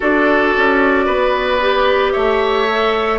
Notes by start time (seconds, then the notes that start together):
0.00 D4 F#4 A4 D5
0.57 C#4
1.05 B3 B4
1.61 G4
2.12 A3 C#5 E5
2.69 A4